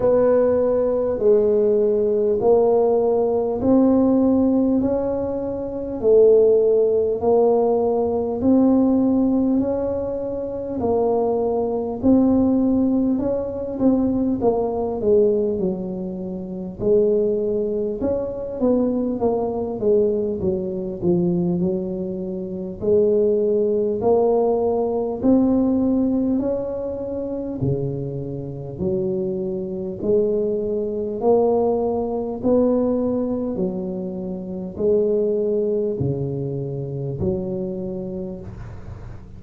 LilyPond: \new Staff \with { instrumentName = "tuba" } { \time 4/4 \tempo 4 = 50 b4 gis4 ais4 c'4 | cis'4 a4 ais4 c'4 | cis'4 ais4 c'4 cis'8 c'8 | ais8 gis8 fis4 gis4 cis'8 b8 |
ais8 gis8 fis8 f8 fis4 gis4 | ais4 c'4 cis'4 cis4 | fis4 gis4 ais4 b4 | fis4 gis4 cis4 fis4 | }